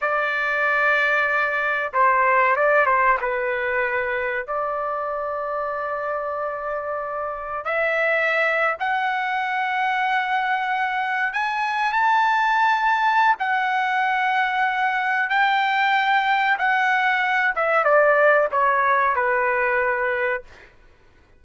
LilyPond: \new Staff \with { instrumentName = "trumpet" } { \time 4/4 \tempo 4 = 94 d''2. c''4 | d''8 c''8 b'2 d''4~ | d''1 | e''4.~ e''16 fis''2~ fis''16~ |
fis''4.~ fis''16 gis''4 a''4~ a''16~ | a''4 fis''2. | g''2 fis''4. e''8 | d''4 cis''4 b'2 | }